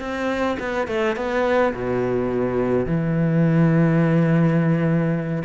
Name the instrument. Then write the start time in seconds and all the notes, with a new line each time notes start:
cello
0.00 C4
0.59 B3
0.88 A3
1.16 B3
1.74 B2
2.86 E3